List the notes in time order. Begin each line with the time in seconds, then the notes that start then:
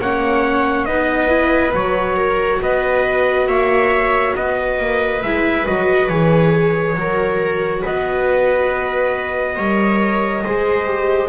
0.00 A#3 C#4 C#5 F#5
0.85 B3 D#4 B4 D#5
1.29 E4
1.74 F#3 F#4 C#5
2.16 A#4
2.61 B3 B4 D#5
3.47 A#3 C#5 E5
4.35 B3 B4 D#5
4.79 A#3
5.22 G#3 E4 E5
5.66 F#3 F#4 D#5
6.09 E3 G#4 C#5
6.95 F#3 F#4 A#4
7.82 B3 B4 D#5
9.56 G3 A#4 C#5
10.44 G#3 G#4 C5
10.86 G4